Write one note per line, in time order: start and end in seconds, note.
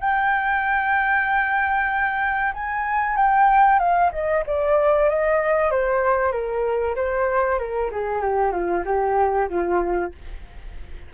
0.00 2.53 G5
2.53 3.16 G#5
3.16 3.79 G5
3.79 4.11 F5
4.11 4.43 D#5
4.46 5.09 D5
5.09 5.70 D#5
5.70 6.32 C5
6.32 6.95 A#4
6.95 7.58 C5
7.58 7.90 A#4
7.91 8.21 G#4
8.21 8.51 G4
8.51 8.83 F4
8.85 9.48 G4
9.49 10.12 F4